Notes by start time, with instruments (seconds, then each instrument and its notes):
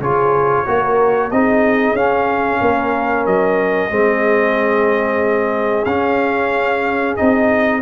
0.00 tuba C#3, trombone F4, horn G#4, trumpet C#5
0.66 tuba A#3, trombone F#4, horn A#4
1.31 tuba C4, trombone D#4, horn G#4, trumpet D#5
1.93 tuba C#4, trombone C#4, trumpet F5
2.62 tuba A#3, horn A#4
3.26 tuba F#3, trumpet D#5
3.91 tuba G#3, trombone C4, horn G#4
5.85 tuba C#4, trombone C#4, trumpet F5
7.17 tuba C4, trombone D#4, trumpet D#5